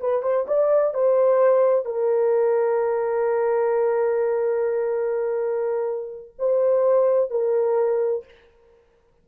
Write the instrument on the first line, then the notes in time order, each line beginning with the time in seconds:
horn
0.00 B4
0.23 C5
0.47 D5
0.94 C5
1.86 A#4
6.39 C5
7.31 A#4